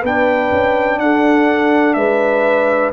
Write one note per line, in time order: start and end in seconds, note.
0.00 0.51 B3
0.00 2.92 D4
0.00 0.97 B4
0.00 0.99 G5
0.51 0.98 C#4
0.98 1.95 D4
0.98 1.96 A4
0.98 1.93 F#5
1.93 2.92 G#3
1.93 2.92 B4
1.93 2.90 E5